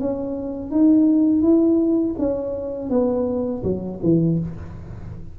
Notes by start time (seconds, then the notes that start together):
0.00 C#4
0.71 D#4
1.42 E4
2.19 C#4
2.90 B3
3.64 F#3
4.03 E3